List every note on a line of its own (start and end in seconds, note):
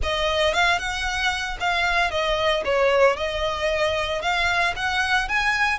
0.02 0.53 D#5
0.53 0.78 F5
0.78 1.57 F#5
1.60 2.10 F5
2.10 2.63 D#5
2.65 3.16 C#5
3.16 4.21 D#5
4.21 4.74 F5
4.75 5.28 F#5
5.28 5.78 G#5